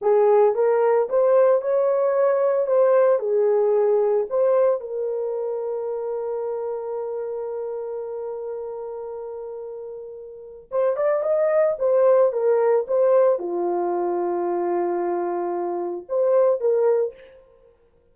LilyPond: \new Staff \with { instrumentName = "horn" } { \time 4/4 \tempo 4 = 112 gis'4 ais'4 c''4 cis''4~ | cis''4 c''4 gis'2 | c''4 ais'2.~ | ais'1~ |
ais'1 | c''8 d''8 dis''4 c''4 ais'4 | c''4 f'2.~ | f'2 c''4 ais'4 | }